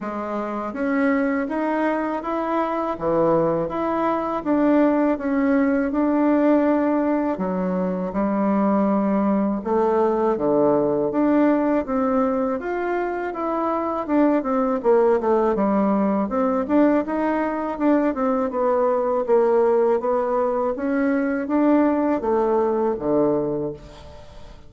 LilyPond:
\new Staff \with { instrumentName = "bassoon" } { \time 4/4 \tempo 4 = 81 gis4 cis'4 dis'4 e'4 | e4 e'4 d'4 cis'4 | d'2 fis4 g4~ | g4 a4 d4 d'4 |
c'4 f'4 e'4 d'8 c'8 | ais8 a8 g4 c'8 d'8 dis'4 | d'8 c'8 b4 ais4 b4 | cis'4 d'4 a4 d4 | }